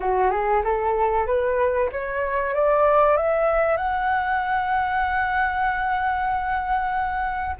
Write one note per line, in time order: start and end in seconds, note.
0.00 0.30 F#4
0.30 0.62 G#4
0.64 1.26 A4
1.26 1.89 B4
1.91 2.54 C#5
2.54 3.17 D5
3.17 3.77 E5
3.77 7.56 F#5